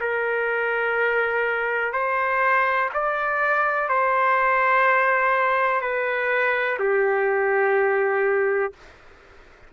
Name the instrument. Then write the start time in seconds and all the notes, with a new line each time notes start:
trumpet
0.00 A#4
1.93 C5
2.93 D5
3.89 C5
5.81 B4
6.79 G4